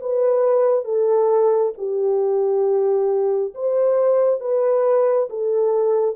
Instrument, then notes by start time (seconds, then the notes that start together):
horn
0.00 B4
0.84 A4
1.77 G4
3.54 C5
4.40 B4
5.29 A4